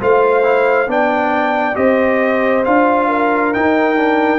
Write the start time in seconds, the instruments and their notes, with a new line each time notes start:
0.00 tuba A3, trombone F4, horn C5, trumpet F5
0.43 trombone E4
0.87 tuba B3, trombone D4, horn D5, trumpet G5
1.74 tuba C4, trombone G4, horn C5, trumpet D#5
2.65 tuba D4, trombone F4, trumpet F5
3.09 horn A#4
3.53 trombone D#4, tuba D#4, trumpet G5
3.97 trombone D4